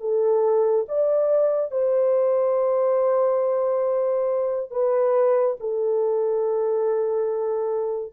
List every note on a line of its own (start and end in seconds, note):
0.00 0.86 A4
0.88 1.71 D5
1.71 4.70 C5
4.70 5.56 B4
5.59 8.13 A4